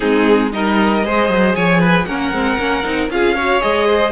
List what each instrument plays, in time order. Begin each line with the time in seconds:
0.00 cello G#3, viola C4, violin D#4 G#4
0.51 cello G3, viola D#4, violin A#4 D#5
1.04 cello G#3, viola G#4, violin C5
1.29 cello F#3
1.55 cello F3, violin C#5 G#5
1.80 violin B4
2.05 cello A#3, viola C#4, violin A#4 F#5
2.31 cello G#3, viola C4
2.58 cello A#3, viola C#4
2.83 cello C4, viola D#4
3.09 cello C#4, viola F4, violin G#4 F5
3.34 viola F#4, violin C#5
3.60 cello G#3, viola G#4, violin D#5
3.86 violin C5